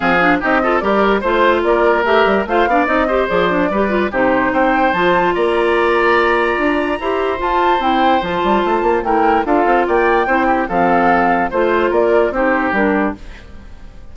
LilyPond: <<
  \new Staff \with { instrumentName = "flute" } { \time 4/4 \tempo 4 = 146 f''4 dis''4 d''4 c''4 | d''4 e''4 f''4 dis''4 | d''2 c''4 g''4 | a''4 ais''2.~ |
ais''2 a''4 g''4 | a''2 g''4 f''4 | g''2 f''2 | c''4 d''4 c''4 ais'4 | }
  \new Staff \with { instrumentName = "oboe" } { \time 4/4 gis'4 g'8 a'8 ais'4 c''4 | ais'2 c''8 d''4 c''8~ | c''4 b'4 g'4 c''4~ | c''4 d''2.~ |
d''4 c''2.~ | c''2 ais'4 a'4 | d''4 c''8 g'8 a'2 | c''4 ais'4 g'2 | }
  \new Staff \with { instrumentName = "clarinet" } { \time 4/4 c'8 d'8 dis'8 f'8 g'4 f'4~ | f'4 g'4 f'8 d'8 dis'8 g'8 | gis'8 d'8 g'8 f'8 dis'2 | f'1~ |
f'4 g'4 f'4 e'4 | f'2 e'4 f'4~ | f'4 e'4 c'2 | f'2 dis'4 d'4 | }
  \new Staff \with { instrumentName = "bassoon" } { \time 4/4 f4 c'4 g4 a4 | ais4 a8 g8 a8 b8 c'4 | f4 g4 c4 c'4 | f4 ais2. |
d'4 e'4 f'4 c'4 | f8 g8 a8 ais8 a4 d'8 c'8 | ais4 c'4 f2 | a4 ais4 c'4 g4 | }
>>